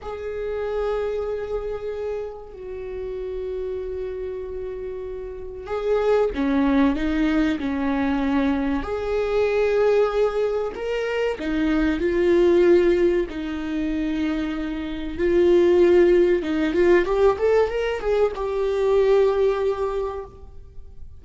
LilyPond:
\new Staff \with { instrumentName = "viola" } { \time 4/4 \tempo 4 = 95 gis'1 | fis'1~ | fis'4 gis'4 cis'4 dis'4 | cis'2 gis'2~ |
gis'4 ais'4 dis'4 f'4~ | f'4 dis'2. | f'2 dis'8 f'8 g'8 a'8 | ais'8 gis'8 g'2. | }